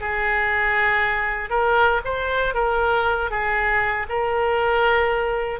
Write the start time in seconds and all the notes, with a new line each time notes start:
0.00 G#4
1.50 A#4
2.04 C5
2.54 A#4
3.31 G#4
4.09 A#4